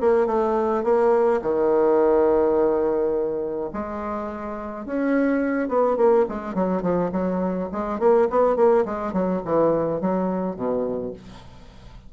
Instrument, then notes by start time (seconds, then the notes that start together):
bassoon
0.00 A#3
0.26 A3
0.83 A#3
1.41 D#3
3.73 G#3
4.85 C#4
5.68 B3
5.97 A#3
6.29 G#3
6.54 F#3
6.82 F3
7.12 F#3
7.72 G#3
7.99 A#3
8.30 B3
8.56 A#3
8.85 G#3
9.13 F#3
9.45 E3
10.01 F#3
10.56 B2